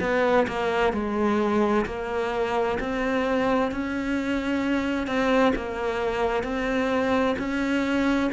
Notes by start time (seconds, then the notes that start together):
0.00 B3
0.47 A#3
0.93 G#3
1.85 A#3
2.79 C4
3.71 C#4
5.06 C4
5.55 A#3
6.43 C4
7.38 C#4